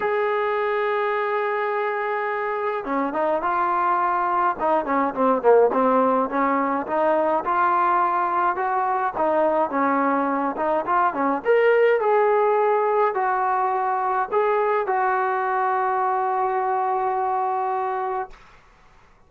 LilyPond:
\new Staff \with { instrumentName = "trombone" } { \time 4/4 \tempo 4 = 105 gis'1~ | gis'4 cis'8 dis'8 f'2 | dis'8 cis'8 c'8 ais8 c'4 cis'4 | dis'4 f'2 fis'4 |
dis'4 cis'4. dis'8 f'8 cis'8 | ais'4 gis'2 fis'4~ | fis'4 gis'4 fis'2~ | fis'1 | }